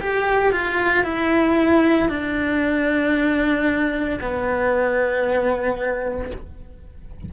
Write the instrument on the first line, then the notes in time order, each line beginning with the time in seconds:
cello
0.00 G4
0.52 F4
1.03 E4
2.09 D4
4.21 B3